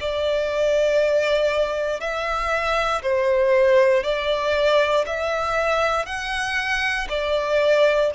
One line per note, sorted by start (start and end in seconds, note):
0.00 2.00 D5
2.00 3.02 E5
3.02 4.04 C5
4.04 5.05 D5
5.06 6.06 E5
6.06 7.07 F#5
7.09 8.11 D5